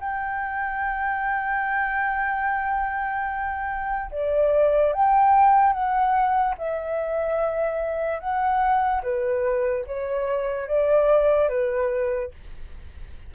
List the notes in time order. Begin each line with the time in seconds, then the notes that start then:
0.00 G5
4.11 D5
4.93 G5
5.73 F#5
6.58 E5
8.20 F#5
9.03 B4
9.87 C#5
10.68 D5
11.49 B4